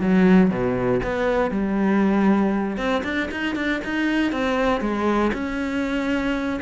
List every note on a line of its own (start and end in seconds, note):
0.00 0.50 F#3
0.50 1.01 B2
1.03 1.51 B3
1.51 2.77 G3
2.77 3.03 C4
3.04 3.29 D4
3.31 3.55 D#4
3.55 3.81 D4
3.84 4.32 D#4
4.32 4.81 C4
4.81 5.31 G#3
5.33 6.60 C#4